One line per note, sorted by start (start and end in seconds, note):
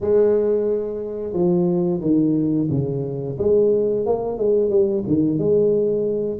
0.00 1.33 G#3
1.33 2.00 F3
2.00 2.68 D#3
2.70 3.37 C#3
3.38 4.05 G#3
4.06 4.38 A#3
4.38 4.70 G#3
4.70 5.03 G3
5.07 5.38 D#3
5.38 6.39 G#3